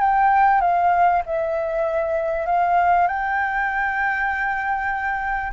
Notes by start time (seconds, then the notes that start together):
0.00 G5
0.61 F5
1.26 E5
2.46 F5
3.07 G5